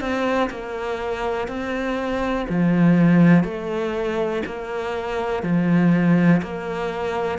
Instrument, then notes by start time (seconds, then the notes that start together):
cello
0.00 C4
0.50 A#3
1.48 C4
2.49 F3
3.44 A3
4.46 A#3
5.43 F3
6.42 A#3